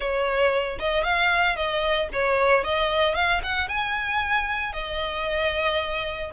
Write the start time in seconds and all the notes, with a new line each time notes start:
0.00 C#5
0.79 D#5
1.03 F5
1.56 D#5
2.12 C#5
2.64 D#5
3.15 F5
3.43 F#5
3.68 G#5
4.72 D#5